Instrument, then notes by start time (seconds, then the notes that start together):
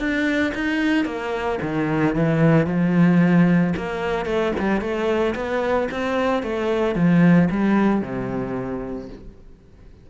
cello
0.00 D4
0.55 D#4
1.06 A#3
1.62 D#3
2.16 E3
2.67 F3
3.77 A#3
4.26 A3
4.59 G3
4.81 A3
5.35 B3
5.92 C4
6.43 A3
6.96 F3
7.51 G3
8.02 C3